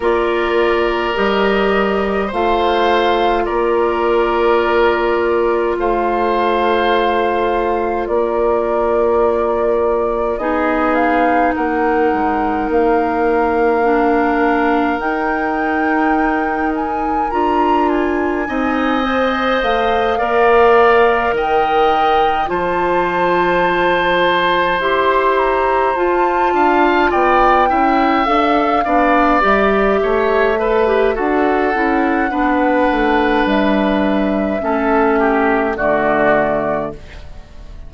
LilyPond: <<
  \new Staff \with { instrumentName = "flute" } { \time 4/4 \tempo 4 = 52 d''4 dis''4 f''4 d''4~ | d''4 f''2 d''4~ | d''4 dis''8 f''8 fis''4 f''4~ | f''4 g''4. gis''8 ais''8 gis''8~ |
gis''4 f''4. g''4 a''8~ | a''4. c'''8 ais''8 a''4 g''8~ | g''8 f''4 e''4. fis''4~ | fis''4 e''2 d''4 | }
  \new Staff \with { instrumentName = "oboe" } { \time 4/4 ais'2 c''4 ais'4~ | ais'4 c''2 ais'4~ | ais'4 gis'4 ais'2~ | ais'1 |
dis''4. d''4 dis''4 c''8~ | c''2. f''8 d''8 | e''4 d''4 cis''8 b'8 a'4 | b'2 a'8 g'8 fis'4 | }
  \new Staff \with { instrumentName = "clarinet" } { \time 4/4 f'4 g'4 f'2~ | f'1~ | f'4 dis'2. | d'4 dis'2 f'4 |
dis'8 c''4 ais'2 f'8~ | f'4. g'4 f'4. | e'8 a'8 d'8 g'4 a'16 g'16 fis'8 e'8 | d'2 cis'4 a4 | }
  \new Staff \with { instrumentName = "bassoon" } { \time 4/4 ais4 g4 a4 ais4~ | ais4 a2 ais4~ | ais4 b4 ais8 gis8 ais4~ | ais4 dis'2 d'4 |
c'4 a8 ais4 dis4 f8~ | f4. e'4 f'8 d'8 b8 | cis'8 d'8 b8 g8 a4 d'8 cis'8 | b8 a8 g4 a4 d4 | }
>>